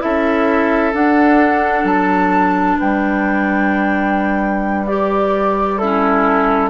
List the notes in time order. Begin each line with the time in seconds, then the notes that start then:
0.00 C#4 E4 A4 E5
0.94 D4 F#5
1.84 F#3 A5
2.79 G3 B4 G5
4.87 G4 D5
5.77 C#4 E4 A4